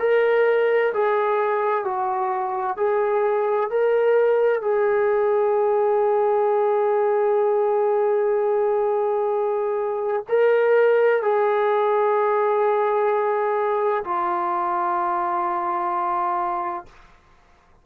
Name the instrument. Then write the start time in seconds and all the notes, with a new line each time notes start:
trombone
0.00 A#4
0.94 G#4
1.85 F#4
2.77 G#4
3.71 A#4
4.62 G#4
10.29 A#4
11.23 G#4
14.05 F4